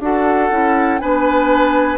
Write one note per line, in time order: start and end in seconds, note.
0.00 0.49 D4
0.00 0.51 F#4
0.00 1.01 A4
0.00 0.99 F#5
0.51 1.00 C#4
0.51 1.00 E4
0.99 1.98 B3
0.99 1.98 D4
0.99 1.98 B4
0.99 1.97 G#5